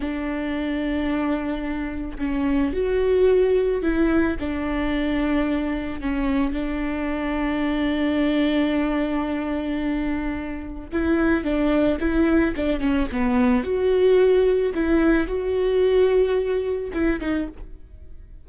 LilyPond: \new Staff \with { instrumentName = "viola" } { \time 4/4 \tempo 4 = 110 d'1 | cis'4 fis'2 e'4 | d'2. cis'4 | d'1~ |
d'1 | e'4 d'4 e'4 d'8 cis'8 | b4 fis'2 e'4 | fis'2. e'8 dis'8 | }